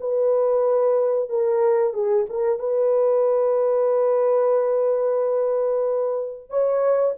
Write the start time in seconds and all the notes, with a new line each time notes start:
0.00 B4
1.29 A#4
1.93 G#4
2.29 A#4
2.59 B4
6.50 C#5